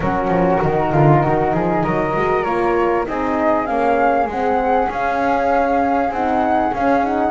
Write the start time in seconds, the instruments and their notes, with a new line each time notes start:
0.00 double bass F#3, horn C#4, flute F#4 A#4
0.28 double bass F3
0.60 double bass D#3, horn D#4
0.92 double bass D3, flute F4
1.22 double bass D#3, flute F#4
1.53 double bass F3, flute G#4
1.82 double bass F#3, flute A#4 D#5
2.16 double bass G#3, horn F#4
2.43 double bass A#3, horn F4, flute C#5
3.05 double bass C4, horn D#4, flute G#4 D#5
3.65 double bass A#3, horn C#4, flute F5
4.26 double bass G#3, horn C4, flute F#5
4.87 horn C#4, double bass C#4, flute F5
6.10 double bass C4, horn D#4, flute F#5
6.73 double bass C#4, horn C#4, flute F5
7.03 horn D#4, flute F#5